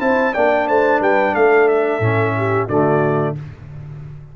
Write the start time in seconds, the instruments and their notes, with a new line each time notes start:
0.00 tuba C4, trombone E4, horn C5, trumpet A5
0.34 tuba A#3, trombone D4, horn D5, trumpet G5
0.68 tuba A3, horn C5, trumpet A5
1.00 tuba G3, horn B4, trumpet G5
1.33 tuba A3, horn A4, trumpet F5
1.68 trumpet E5
2.00 tuba A2, trombone C#4
2.37 horn G4
2.67 tuba D3, trombone A3, horn F#4, trumpet D5